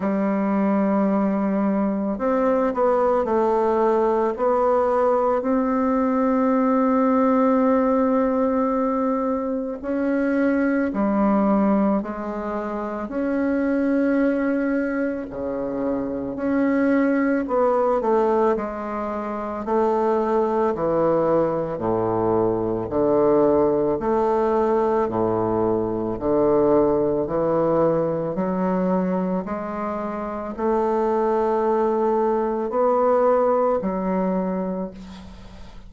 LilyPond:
\new Staff \with { instrumentName = "bassoon" } { \time 4/4 \tempo 4 = 55 g2 c'8 b8 a4 | b4 c'2.~ | c'4 cis'4 g4 gis4 | cis'2 cis4 cis'4 |
b8 a8 gis4 a4 e4 | a,4 d4 a4 a,4 | d4 e4 fis4 gis4 | a2 b4 fis4 | }